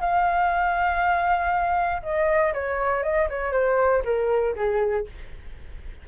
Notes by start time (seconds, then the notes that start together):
0.00 F5
2.02 D#5
2.53 C#5
3.03 D#5
3.29 C#5
3.52 C5
4.05 A#4
4.56 G#4